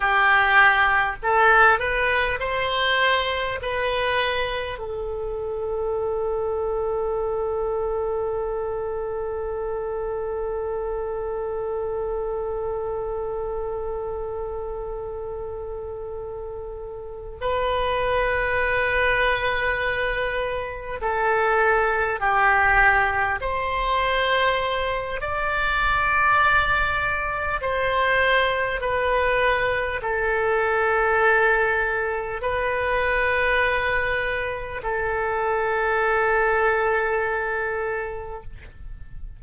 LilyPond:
\new Staff \with { instrumentName = "oboe" } { \time 4/4 \tempo 4 = 50 g'4 a'8 b'8 c''4 b'4 | a'1~ | a'1~ | a'2~ a'8 b'4.~ |
b'4. a'4 g'4 c''8~ | c''4 d''2 c''4 | b'4 a'2 b'4~ | b'4 a'2. | }